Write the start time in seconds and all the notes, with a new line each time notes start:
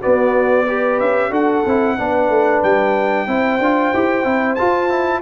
0.00 B3 F#4 D5
0.67 G4 B4
1.00 C#4 E5
1.30 D4 F#4 A4 F#5
1.66 C4 E4
1.98 B3 D4 B4
2.29 A3
2.63 G3 G5
3.27 C4 E4 C5
3.59 D4 F4
3.94 E4 G4
4.24 C4 E4
4.55 F4 A5
4.89 E4